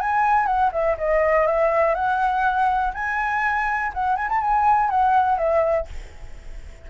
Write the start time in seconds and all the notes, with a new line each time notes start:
0.00 G#5
0.46 F#5
0.72 E5
0.98 D#5
1.46 E5
1.94 F#5
2.94 G#5
3.93 F#5
4.16 G#5
4.29 A5
4.41 G#5
4.90 F#5
5.38 E5